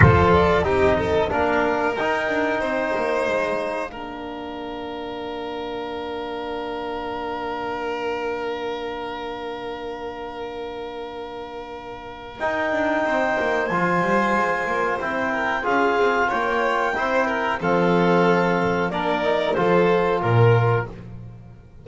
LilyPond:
<<
  \new Staff \with { instrumentName = "clarinet" } { \time 4/4 \tempo 4 = 92 c''8 d''8 dis''4 f''4 g''4~ | g''4 f''2.~ | f''1~ | f''1~ |
f''2. g''4~ | g''4 gis''2 g''4 | f''4 g''2 f''4~ | f''4 d''4 c''4 ais'4 | }
  \new Staff \with { instrumentName = "violin" } { \time 4/4 a'4 g'8 a'8 ais'2 | c''2 ais'2~ | ais'1~ | ais'1~ |
ais'1 | c''2.~ c''8 ais'8 | gis'4 cis''4 c''8 ais'8 a'4~ | a'4 ais'4 a'4 ais'4 | }
  \new Staff \with { instrumentName = "trombone" } { \time 4/4 f'4 dis'4 d'4 dis'4~ | dis'2 d'2~ | d'1~ | d'1~ |
d'2. dis'4~ | dis'4 f'2 e'4 | f'2 e'4 c'4~ | c'4 d'8 dis'8 f'2 | }
  \new Staff \with { instrumentName = "double bass" } { \time 4/4 f4 c'4 ais4 dis'8 d'8 | c'8 ais8 gis4 ais2~ | ais1~ | ais1~ |
ais2. dis'8 d'8 | c'8 ais8 f8 g8 gis8 ais8 c'4 | cis'8 c'8 ais4 c'4 f4~ | f4 ais4 f4 ais,4 | }
>>